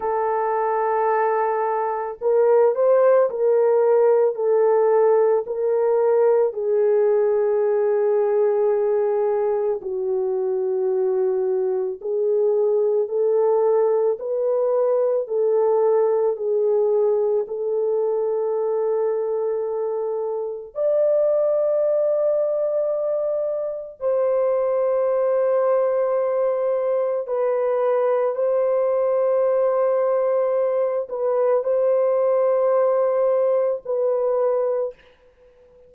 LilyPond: \new Staff \with { instrumentName = "horn" } { \time 4/4 \tempo 4 = 55 a'2 ais'8 c''8 ais'4 | a'4 ais'4 gis'2~ | gis'4 fis'2 gis'4 | a'4 b'4 a'4 gis'4 |
a'2. d''4~ | d''2 c''2~ | c''4 b'4 c''2~ | c''8 b'8 c''2 b'4 | }